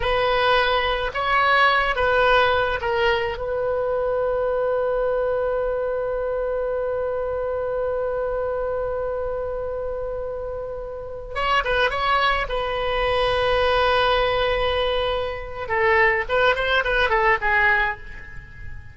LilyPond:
\new Staff \with { instrumentName = "oboe" } { \time 4/4 \tempo 4 = 107 b'2 cis''4. b'8~ | b'4 ais'4 b'2~ | b'1~ | b'1~ |
b'1~ | b'16 cis''8 b'8 cis''4 b'4.~ b'16~ | b'1 | a'4 b'8 c''8 b'8 a'8 gis'4 | }